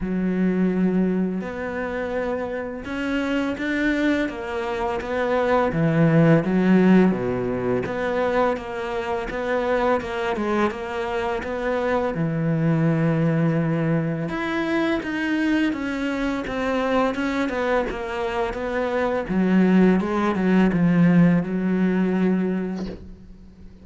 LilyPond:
\new Staff \with { instrumentName = "cello" } { \time 4/4 \tempo 4 = 84 fis2 b2 | cis'4 d'4 ais4 b4 | e4 fis4 b,4 b4 | ais4 b4 ais8 gis8 ais4 |
b4 e2. | e'4 dis'4 cis'4 c'4 | cis'8 b8 ais4 b4 fis4 | gis8 fis8 f4 fis2 | }